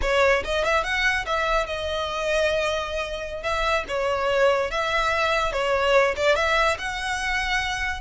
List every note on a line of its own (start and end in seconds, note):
0.01 0.43 C#5
0.44 0.64 D#5
0.64 0.83 E5
0.83 1.25 F#5
1.26 1.66 E5
1.66 3.42 D#5
3.42 3.84 E5
3.87 4.70 C#5
4.70 5.52 E5
5.52 6.14 C#5
6.16 6.35 D5
6.35 6.77 E5
6.78 8.00 F#5